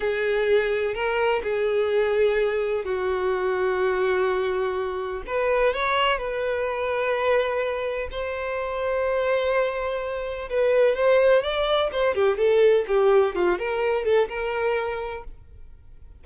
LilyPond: \new Staff \with { instrumentName = "violin" } { \time 4/4 \tempo 4 = 126 gis'2 ais'4 gis'4~ | gis'2 fis'2~ | fis'2. b'4 | cis''4 b'2.~ |
b'4 c''2.~ | c''2 b'4 c''4 | d''4 c''8 g'8 a'4 g'4 | f'8 ais'4 a'8 ais'2 | }